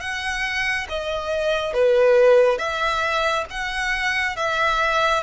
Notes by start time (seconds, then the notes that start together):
0.00 F#5
0.89 D#5
1.73 B4
2.58 E5
3.50 F#5
4.36 E5